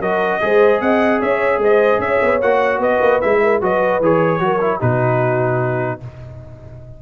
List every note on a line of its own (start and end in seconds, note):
0.00 0.40 F#3
0.00 0.41 F#4
0.00 0.40 A#4
0.00 0.81 D#5
0.41 0.81 G#3
0.41 2.41 G#4
0.41 0.82 C5
0.81 1.21 C4
0.81 1.20 D#5
0.81 1.21 F#5
1.20 1.58 C#4
1.20 1.60 C#5
1.20 1.61 E5
1.58 1.98 G#3
1.58 2.02 C5
1.58 2.01 D#5
1.98 2.18 C#4
1.98 2.79 C#5
1.98 2.41 E5
2.23 2.42 B3
2.41 2.78 A#3
2.41 3.22 F#4
2.41 2.81 F#5
2.78 2.98 B3
2.78 3.39 B4
2.78 3.21 D#5
3.00 3.20 A#3
3.21 3.61 G#3
3.21 3.62 E4
3.21 3.61 E5
3.42 3.61 A#4
3.61 4.00 F#3
3.61 4.02 F#4
3.61 4.41 B4
3.61 4.04 D#5
4.00 4.40 E3
4.00 4.40 G#4
4.00 4.81 C#5
4.40 4.80 F#3
4.40 4.60 F#4
4.40 4.79 A#4
4.61 4.80 E4
4.79 6.02 B2
4.79 6.00 D#4
4.79 5.99 F#4
4.79 6.01 B4